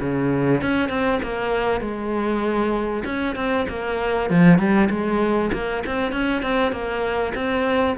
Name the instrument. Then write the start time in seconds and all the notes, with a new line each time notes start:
cello
0.00 C#3
0.62 C#4
0.89 C4
1.22 A#3
1.81 G#3
3.04 C#4
3.35 C4
3.68 A#3
4.29 F3
4.58 G3
4.90 G#3
5.53 A#3
5.86 C4
6.11 C#4
6.42 C4
6.72 A#3
7.34 C4